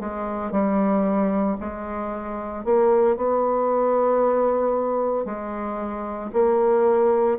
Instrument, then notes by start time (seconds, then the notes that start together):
bassoon
0.00 G#3
0.52 G3
1.60 G#3
2.65 A#3
3.17 B3
5.25 G#3
6.33 A#3